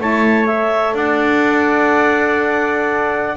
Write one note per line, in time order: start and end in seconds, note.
0.00 0.94 A3
0.00 0.46 E4
0.00 0.98 C#5
0.00 0.47 A5
0.46 3.36 A4
0.46 0.95 E5
0.94 3.36 D4
0.94 3.37 D5
0.94 3.37 F#5